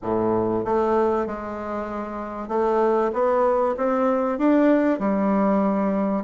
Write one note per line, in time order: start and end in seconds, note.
0.02 0.64 A2
0.64 1.26 A3
1.26 2.48 G#3
2.48 3.11 A3
3.13 3.75 B3
3.77 4.38 C4
4.38 4.99 D4
4.99 6.24 G3